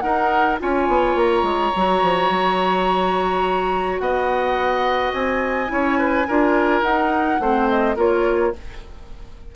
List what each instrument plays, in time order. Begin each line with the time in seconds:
0.00 bassoon D#4, clarinet D#4, oboe A#4, flute F#5
0.59 bassoon C#4, clarinet F4, oboe C#5, flute G#5
0.88 bassoon B3
1.15 bassoon A#3, flute A#5
1.43 bassoon G#3
1.76 bassoon F#3, clarinet F#4
2.02 bassoon F3
2.30 bassoon F#3
3.99 bassoon B3, oboe D#5, flute F#5
5.13 bassoon C4, flute G#5
5.68 bassoon C#4, clarinet E4, oboe C#5
5.99 oboe B4
6.28 bassoon D4, clarinet F4, oboe A#4
6.82 bassoon D#4, clarinet D#4, flute F#5
7.40 bassoon A3, clarinet C4, oboe C5
7.69 flute D#5
7.96 bassoon A#3, clarinet F4, oboe A#4, flute C#5